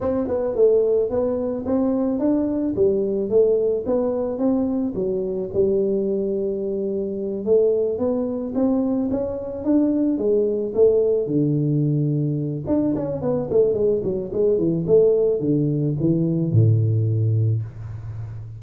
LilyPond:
\new Staff \with { instrumentName = "tuba" } { \time 4/4 \tempo 4 = 109 c'8 b8 a4 b4 c'4 | d'4 g4 a4 b4 | c'4 fis4 g2~ | g4. a4 b4 c'8~ |
c'8 cis'4 d'4 gis4 a8~ | a8 d2~ d8 d'8 cis'8 | b8 a8 gis8 fis8 gis8 e8 a4 | d4 e4 a,2 | }